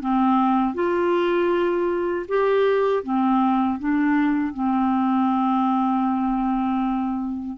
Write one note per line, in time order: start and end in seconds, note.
0.00 0.74 C4
0.74 2.26 F4
2.28 3.03 G4
3.03 3.79 C4
3.79 4.53 D4
4.53 7.57 C4